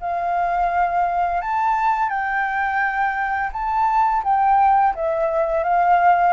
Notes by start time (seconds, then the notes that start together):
0.00 F5
1.41 A5
2.09 G5
3.52 A5
4.24 G5
4.95 E5
5.64 F5